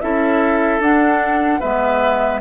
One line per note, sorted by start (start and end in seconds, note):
0.00 0.79 C#4
0.00 0.81 E4
0.00 1.60 A4
0.00 0.80 E5
0.79 1.59 D4
0.79 1.61 D4
0.79 1.60 F#5
1.60 2.41 G#3
1.60 2.41 B3
1.60 2.40 B4
1.60 2.40 E5